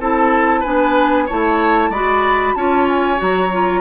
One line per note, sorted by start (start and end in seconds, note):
0.00 0.64 C4
0.00 0.64 E4
0.00 0.60 A4
0.00 0.63 A5
0.60 1.28 D4
0.60 1.24 B4
0.60 1.27 G#5
0.66 1.30 B3
1.26 1.89 A3
1.26 1.93 E4
1.26 1.90 C#5
1.26 1.92 A5
1.89 2.53 G#3
1.89 2.57 F#4
1.89 2.54 D5
1.89 2.55 B5
2.55 3.19 C#4
2.55 3.17 F4
2.55 3.81 C#5
2.55 2.87 A5
2.88 3.20 G#5
3.17 3.81 F#3
3.17 3.49 F#4
3.17 3.81 A#5
3.52 3.81 F4